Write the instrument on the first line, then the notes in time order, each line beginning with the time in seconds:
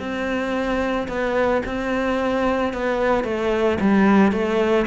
cello
0.00 C4
1.08 B3
1.66 C4
2.74 B3
3.24 A3
3.81 G3
4.32 A3